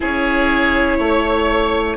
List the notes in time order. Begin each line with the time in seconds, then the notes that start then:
0.00 C#4 E4 G#4 C#5
0.98 A3 C#5